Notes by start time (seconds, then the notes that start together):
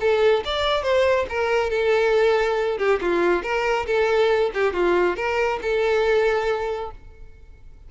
0.00 A4
0.45 D5
0.82 C5
1.29 A#4
1.70 A4
2.78 G4
3.01 F4
3.42 A#4
3.86 A4
4.54 G4
4.73 F4
5.16 A#4
5.61 A4